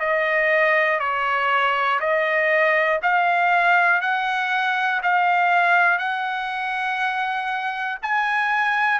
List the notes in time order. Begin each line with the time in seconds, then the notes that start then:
0.00 D#5
1.00 C#5
2.01 D#5
3.03 F5
4.01 F#5
5.03 F5
5.99 F#5
8.03 G#5